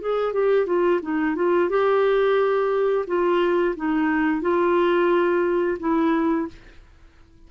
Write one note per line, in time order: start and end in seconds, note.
0.00 0.33 G#4
0.33 0.66 G4
0.66 1.00 F4
1.02 1.35 D#4
1.35 1.69 F4
1.69 3.05 G4
3.07 3.75 F4
3.76 4.41 D#4
4.41 5.77 F4
5.79 6.47 E4